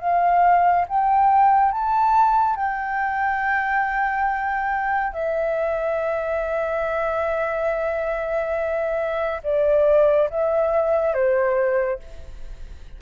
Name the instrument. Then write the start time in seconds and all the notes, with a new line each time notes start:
flute
0.00 F5
0.89 G5
1.72 A5
2.57 G5
5.14 E5
9.44 D5
10.30 E5
11.14 C5